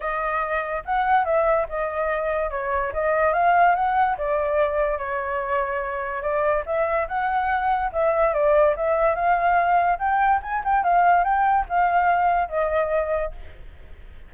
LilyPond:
\new Staff \with { instrumentName = "flute" } { \time 4/4 \tempo 4 = 144 dis''2 fis''4 e''4 | dis''2 cis''4 dis''4 | f''4 fis''4 d''2 | cis''2. d''4 |
e''4 fis''2 e''4 | d''4 e''4 f''2 | g''4 gis''8 g''8 f''4 g''4 | f''2 dis''2 | }